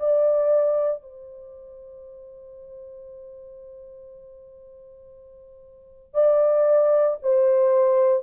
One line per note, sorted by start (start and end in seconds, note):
0.00 1.03 D5
1.03 6.15 C5
6.15 7.18 D5
7.23 8.23 C5